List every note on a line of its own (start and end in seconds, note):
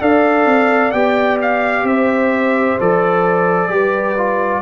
0.00 0.45 D4
0.00 0.92 A4
0.00 1.85 D5
0.00 0.91 F5
0.45 0.92 C4
0.91 1.83 B3
0.91 2.79 G4
0.91 1.37 G5
1.41 1.86 F5
1.83 2.76 C4
1.83 3.72 C5
1.83 2.79 E5
2.79 3.68 F3
2.79 3.69 A4
2.79 4.62 D5
3.68 4.60 G3
3.68 4.15 G4
3.68 4.62 B4
4.17 4.62 F4